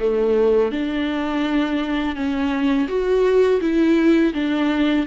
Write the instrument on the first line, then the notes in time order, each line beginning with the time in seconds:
viola
0.00 A3
0.72 D4
2.16 C#4
2.88 F#4
3.61 E4
4.34 D4